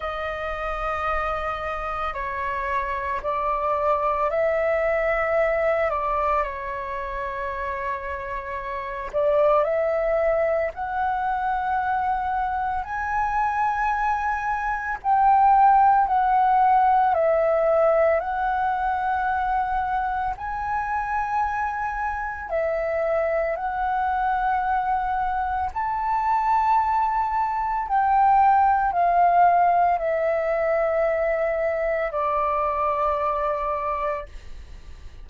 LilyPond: \new Staff \with { instrumentName = "flute" } { \time 4/4 \tempo 4 = 56 dis''2 cis''4 d''4 | e''4. d''8 cis''2~ | cis''8 d''8 e''4 fis''2 | gis''2 g''4 fis''4 |
e''4 fis''2 gis''4~ | gis''4 e''4 fis''2 | a''2 g''4 f''4 | e''2 d''2 | }